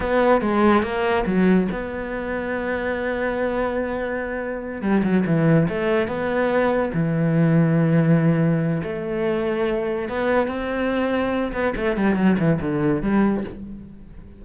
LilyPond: \new Staff \with { instrumentName = "cello" } { \time 4/4 \tempo 4 = 143 b4 gis4 ais4 fis4 | b1~ | b2.~ b8 g8 | fis8 e4 a4 b4.~ |
b8 e2.~ e8~ | e4 a2. | b4 c'2~ c'8 b8 | a8 g8 fis8 e8 d4 g4 | }